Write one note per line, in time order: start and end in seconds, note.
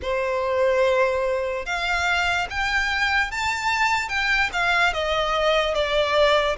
0.01 1.65 C5
1.65 2.47 F5
2.50 3.31 G5
3.31 4.08 A5
4.08 4.49 G5
4.52 4.93 F5
4.93 5.74 D#5
5.74 6.56 D5